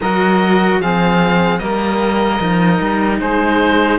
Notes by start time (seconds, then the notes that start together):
0.01 F#3 F#4 A#4 D#5
0.79 F3 C4 G#4 F5
1.59 G3 A#3 A#4 D#5
2.40 F3 D#4
2.80 G3
3.19 G#3 G#4 C5